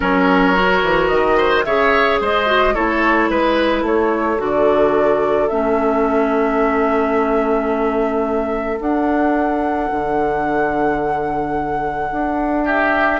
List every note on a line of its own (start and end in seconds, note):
0.00 0.83 F#3
0.00 0.53 C#4
0.00 1.37 A#4
0.00 1.07 C#5
0.53 1.63 F#4
0.83 1.10 E3
1.07 1.65 D#3
1.07 1.62 D#5
1.37 1.64 C5
1.63 2.20 C#3
1.63 2.46 G#4
1.63 2.21 C#5
1.63 2.18 E5
2.20 2.75 G#3
2.20 2.74 C5
2.20 2.74 D#5
2.46 2.73 F#4
2.74 3.29 A3
2.74 4.37 E4
2.74 3.29 A4
2.74 3.29 C#5
3.29 3.82 G#3
3.29 3.85 B4
3.29 3.81 B4
3.81 4.37 A3
3.81 12.62 A4
3.81 4.40 C#5
4.37 5.49 D3
4.37 5.47 F#4
4.37 5.48 D5
5.48 8.79 A3
5.48 8.79 C#4
5.48 8.78 E5
8.79 9.89 D4
8.79 13.19 D4
8.79 12.66 F#5
9.91 12.11 D3
12.11 13.19 D4
12.65 13.19 G4
12.65 13.19 E5